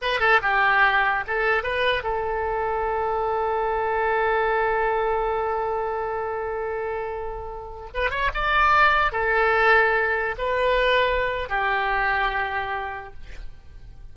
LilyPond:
\new Staff \with { instrumentName = "oboe" } { \time 4/4 \tempo 4 = 146 b'8 a'8 g'2 a'4 | b'4 a'2.~ | a'1~ | a'1~ |
a'2.~ a'16 b'8 cis''16~ | cis''16 d''2 a'4.~ a'16~ | a'4~ a'16 b'2~ b'8. | g'1 | }